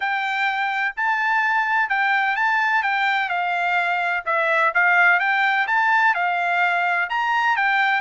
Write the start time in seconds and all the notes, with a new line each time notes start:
0.00 G5
0.96 A5
1.89 G5
2.36 A5
2.82 G5
3.29 F5
4.25 E5
4.74 F5
5.19 G5
5.67 A5
6.14 F5
7.09 A#5
7.56 G5